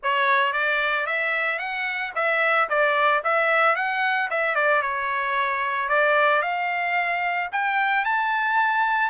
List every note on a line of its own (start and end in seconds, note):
0.02 0.52 C#5
0.52 1.06 D5
1.06 1.58 E5
1.58 2.12 F#5
2.15 2.69 E5
2.69 3.22 D5
3.23 3.75 E5
3.75 4.29 F#5
4.30 4.55 E5
4.55 4.82 D5
4.82 5.88 C#5
5.88 6.42 D5
6.42 7.49 F5
7.51 8.05 G5
8.05 9.09 A5